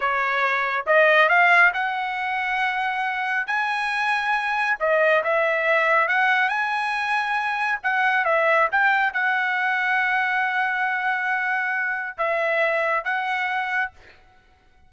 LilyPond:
\new Staff \with { instrumentName = "trumpet" } { \time 4/4 \tempo 4 = 138 cis''2 dis''4 f''4 | fis''1 | gis''2. dis''4 | e''2 fis''4 gis''4~ |
gis''2 fis''4 e''4 | g''4 fis''2.~ | fis''1 | e''2 fis''2 | }